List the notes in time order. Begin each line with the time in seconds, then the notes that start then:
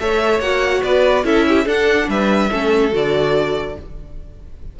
0.00 A3 A4 C#5 E5
0.39 A#3 F#4 F#5
0.83 B3 B4 D5
1.24 C#4 E4 A4 E5
1.49 G4
1.65 D4 A4 F#5
2.08 G3 B4 E5
2.51 A3 C#4 A4
2.91 D3 F#4 D5